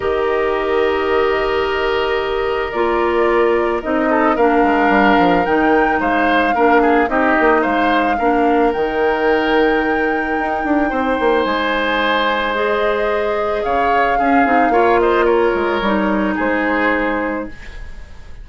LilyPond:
<<
  \new Staff \with { instrumentName = "flute" } { \time 4/4 \tempo 4 = 110 dis''1~ | dis''4 d''2 dis''4 | f''2 g''4 f''4~ | f''4 dis''4 f''2 |
g''1~ | g''4 gis''2 dis''4~ | dis''4 f''2~ f''8 dis''8 | cis''2 c''2 | }
  \new Staff \with { instrumentName = "oboe" } { \time 4/4 ais'1~ | ais'2.~ ais'8 a'8 | ais'2. c''4 | ais'8 gis'8 g'4 c''4 ais'4~ |
ais'1 | c''1~ | c''4 cis''4 gis'4 cis''8 c''8 | ais'2 gis'2 | }
  \new Staff \with { instrumentName = "clarinet" } { \time 4/4 g'1~ | g'4 f'2 dis'4 | d'2 dis'2 | d'4 dis'2 d'4 |
dis'1~ | dis'2. gis'4~ | gis'2 cis'8 dis'8 f'4~ | f'4 dis'2. | }
  \new Staff \with { instrumentName = "bassoon" } { \time 4/4 dis1~ | dis4 ais2 c'4 | ais8 gis8 g8 f8 dis4 gis4 | ais4 c'8 ais8 gis4 ais4 |
dis2. dis'8 d'8 | c'8 ais8 gis2.~ | gis4 cis4 cis'8 c'8 ais4~ | ais8 gis8 g4 gis2 | }
>>